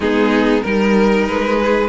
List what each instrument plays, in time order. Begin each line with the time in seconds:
0.00 cello G#3, viola B3, violin D#4 G#4
0.62 cello G3, viola D#4, violin A#4
1.26 cello G#3, violin B4
1.62 violin G#4